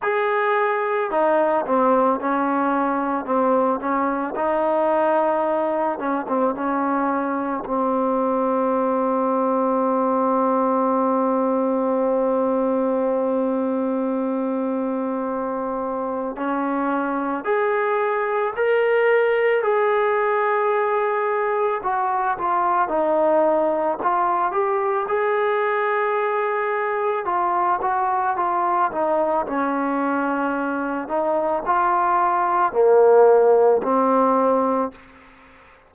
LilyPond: \new Staff \with { instrumentName = "trombone" } { \time 4/4 \tempo 4 = 55 gis'4 dis'8 c'8 cis'4 c'8 cis'8 | dis'4. cis'16 c'16 cis'4 c'4~ | c'1~ | c'2. cis'4 |
gis'4 ais'4 gis'2 | fis'8 f'8 dis'4 f'8 g'8 gis'4~ | gis'4 f'8 fis'8 f'8 dis'8 cis'4~ | cis'8 dis'8 f'4 ais4 c'4 | }